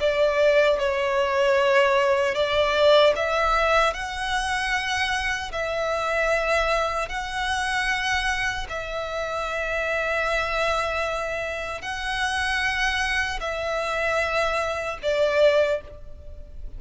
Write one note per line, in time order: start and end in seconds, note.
0.00 0.79 D5
0.79 2.35 C#5
2.35 3.14 D5
3.16 3.94 E5
3.94 5.52 F#5
5.52 7.09 E5
7.09 8.67 F#5
8.69 11.82 E5
11.82 13.40 F#5
13.41 14.99 E5
15.03 15.81 D5